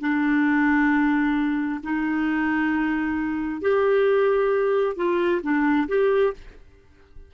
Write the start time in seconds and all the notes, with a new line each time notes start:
0.00 D4
1.83 D#4
3.61 G4
4.96 F4
5.42 D4
5.88 G4